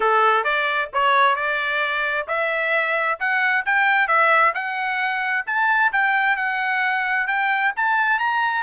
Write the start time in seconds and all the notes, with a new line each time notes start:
0.00 A4
0.43 D5
0.93 C#5
1.35 D5
2.27 E5
3.19 F#5
3.65 G5
4.07 E5
4.54 F#5
5.46 A5
5.92 G5
6.36 F#5
7.27 G5
7.76 A5
8.19 A#5